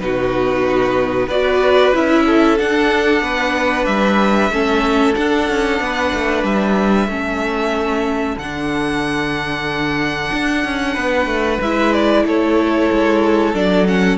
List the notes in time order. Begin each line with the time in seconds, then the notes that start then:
0.00 B2 D#4 F#4 B4
1.27 B3 F#4 B4 D5
1.94 C#4 E4 E5
2.26 A4
2.58 D4 F#5
3.22 B3 B4
3.86 G3 E5
4.50 A3 C#4 A4
5.14 D4 F#5
5.50 C#4
5.81 B3 B4
6.14 A3
6.44 G3 E5
7.08 A3 C#4 A4
8.37 D3 D4 F#5
10.33 D4
10.65 C#4
10.94 B3 B4
11.26 A3
11.61 G#3 E4 E5
11.94 D5
12.25 A3 A4 C#5
12.92 G#3
13.54 F#3 D4 D5
13.87 C#4 F#5